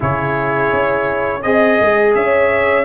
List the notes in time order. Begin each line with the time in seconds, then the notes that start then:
0.00 C#3 E4 G#4 C#5
0.72 C#4
1.42 C4 G#4 D#5
1.80 G#3
2.14 C#4 C#5 E5